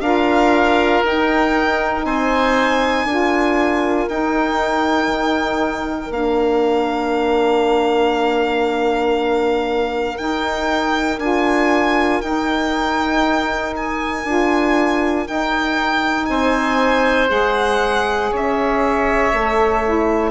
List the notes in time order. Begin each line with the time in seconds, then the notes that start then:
0.00 D4 F4 A#4 F5
1.04 D#4 G5
2.04 C4 C5 G#5
3.04 D4 F4 A#4
4.08 D#4 G5
5.08 D#3
6.10 A#3 D4 F5
10.16 D#4 G5
11.19 D4 F4 G#5
12.21 D#4 G5
13.76 G#5
14.24 D4 F4
15.26 D#4 G5
16.25 C4 C5 G#5
17.28 G#3 G#4 F#5
18.31 C#4 C#5 E5
19.33 A3 A4
19.85 E4